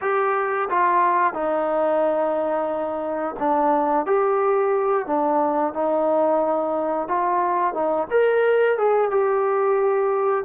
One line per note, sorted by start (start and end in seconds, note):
0.01 0.68 G4
0.69 1.33 F4
1.33 3.35 D#4
3.39 4.06 D4
4.06 5.06 G4
5.06 5.73 D4
5.73 7.08 D#4
7.08 7.73 F4
7.73 8.07 D#4
8.10 8.78 A#4
8.78 9.10 G#4
9.10 10.44 G4